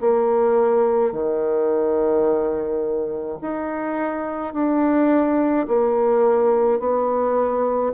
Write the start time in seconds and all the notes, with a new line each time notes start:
0.00 A#3
1.12 D#3
3.41 D#4
4.53 D4
5.68 A#3
6.79 B3